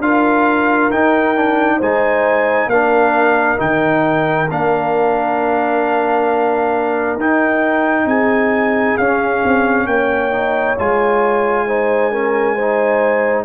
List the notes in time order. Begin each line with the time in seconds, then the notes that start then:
0.00 D4 F4 A#4 F5
0.90 D#4 G5
1.37 D4
1.78 G#3 D#4 C5 G#5
2.67 A#3 A#4 F5
2.73 D4
3.58 D#3 D#4 G5
4.51 A#3 D4 F5
7.17 D#4 G5
8.06 C4 G#4 G#5
8.98 C#4 F5
9.45 C4
9.86 A#3 C#5 G5
10.32 D#4
10.79 G#3 F4 G#5
11.67 D#4 C5
12.12 C#4 A#4
12.56 D#4 C5